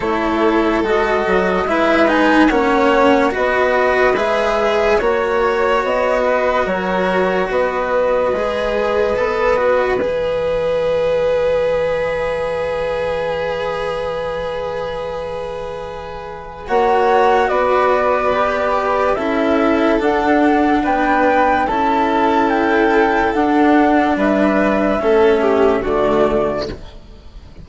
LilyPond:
<<
  \new Staff \with { instrumentName = "flute" } { \time 4/4 \tempo 4 = 72 cis''4 dis''4 e''8 gis''8 fis''4 | dis''4 e''4 cis''4 dis''4 | cis''4 dis''2. | e''1~ |
e''1 | fis''4 d''2 e''4 | fis''4 g''4 a''4 g''4 | fis''4 e''2 d''4 | }
  \new Staff \with { instrumentName = "violin" } { \time 4/4 a'2 b'4 cis''4 | b'2 cis''4. b'8 | ais'4 b'2.~ | b'1~ |
b'1 | cis''4 b'2 a'4~ | a'4 b'4 a'2~ | a'4 b'4 a'8 g'8 fis'4 | }
  \new Staff \with { instrumentName = "cello" } { \time 4/4 e'4 fis'4 e'8 dis'8 cis'4 | fis'4 gis'4 fis'2~ | fis'2 gis'4 a'8 fis'8 | gis'1~ |
gis'1 | fis'2 g'4 e'4 | d'2 e'2 | d'2 cis'4 a4 | }
  \new Staff \with { instrumentName = "bassoon" } { \time 4/4 a4 gis8 fis8 gis4 ais4 | b4 gis4 ais4 b4 | fis4 b4 gis4 b4 | e1~ |
e1 | ais4 b2 cis'4 | d'4 b4 cis'2 | d'4 g4 a4 d4 | }
>>